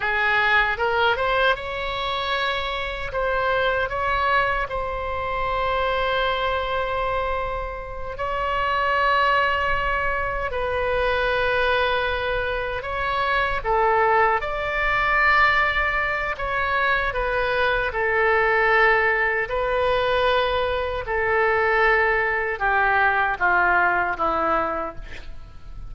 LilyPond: \new Staff \with { instrumentName = "oboe" } { \time 4/4 \tempo 4 = 77 gis'4 ais'8 c''8 cis''2 | c''4 cis''4 c''2~ | c''2~ c''8 cis''4.~ | cis''4. b'2~ b'8~ |
b'8 cis''4 a'4 d''4.~ | d''4 cis''4 b'4 a'4~ | a'4 b'2 a'4~ | a'4 g'4 f'4 e'4 | }